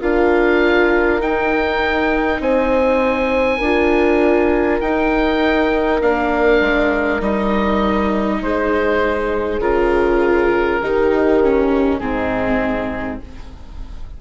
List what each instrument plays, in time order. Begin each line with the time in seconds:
0.00 bassoon D4, viola F4, horn A#4, oboe F5
1.20 viola D#4, bassoon D#4, oboe G5
2.39 bassoon C4, horn C5, oboe G#5
3.58 bassoon D4, viola F4, horn A#4
4.80 bassoon D#4, viola D#4, oboe G5
6.01 bassoon A#3, viola D4, oboe F5
6.60 bassoon G#3
7.20 bassoon G3, viola D#4, oboe D#5
8.41 bassoon G#3, horn G#4, oboe C5
9.59 bassoon C#3, viola F4, oboe A#4
10.81 bassoon D#3, viola D#4, horn G4
11.43 viola C#4
11.98 bassoon G#2, viola C4, horn D#4, oboe G#4